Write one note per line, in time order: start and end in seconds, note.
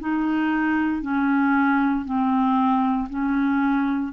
0.00 1.02 D#4
1.02 2.05 C#4
2.05 3.08 C4
3.09 4.13 C#4